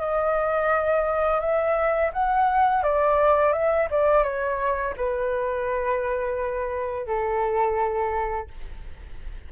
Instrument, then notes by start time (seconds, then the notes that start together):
flute
0.00 D#5
1.41 E5
2.13 F#5
2.83 D5
3.53 E5
3.91 D5
4.24 C#5
4.97 B4
7.07 A4